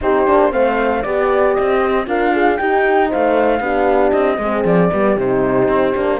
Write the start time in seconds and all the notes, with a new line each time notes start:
0.01 C4 D#4 G4 C5
0.27 A#3 D4
0.51 A3 C4 C5 F5
1.02 B3 G4 D5
1.54 C4 D#5
1.81 C5
2.06 D4 F4 A#4 F5
2.33 G#4
2.56 D#4 G4 G5
3.09 A3 C5 F5
3.59 B3 D4 G4
4.11 C4 D#5
4.38 G#3 C4 G#4
4.64 F3 D5
4.91 G3 B3 G4
5.16 C3 D#4 C5
5.68 C4
5.95 A#3 D4